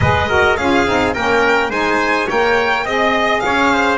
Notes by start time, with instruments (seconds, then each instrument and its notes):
0.00 double bass G#3, saxophone G#4, trumpet B4, violin D#5
0.28 saxophone F#4, trumpet A#4
0.56 double bass C#4, saxophone F4, trumpet G#4, violin F5
0.86 double bass C4, saxophone D#4
1.13 double bass A#3, saxophone C#4, trumpet A#4, violin G5
1.69 double bass G#3, saxophone D#4, trumpet C5, violin G#5
2.27 double bass A#3, saxophone A#4, trumpet C#5, violin G5
2.84 double bass C4, saxophone G#4, trumpet D#5, violin D#5
3.40 double bass C#4, trumpet C#5, violin F5
3.72 trumpet C5